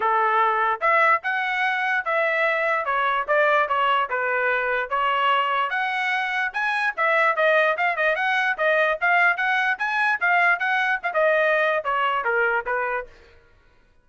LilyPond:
\new Staff \with { instrumentName = "trumpet" } { \time 4/4 \tempo 4 = 147 a'2 e''4 fis''4~ | fis''4 e''2 cis''4 | d''4 cis''4 b'2 | cis''2 fis''2 |
gis''4 e''4 dis''4 f''8 dis''8 | fis''4 dis''4 f''4 fis''4 | gis''4 f''4 fis''4 f''16 dis''8.~ | dis''4 cis''4 ais'4 b'4 | }